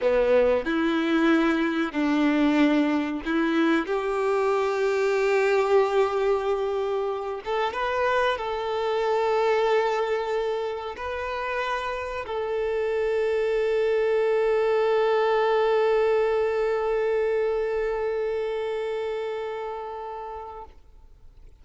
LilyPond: \new Staff \with { instrumentName = "violin" } { \time 4/4 \tempo 4 = 93 b4 e'2 d'4~ | d'4 e'4 g'2~ | g'2.~ g'8 a'8 | b'4 a'2.~ |
a'4 b'2 a'4~ | a'1~ | a'1~ | a'1 | }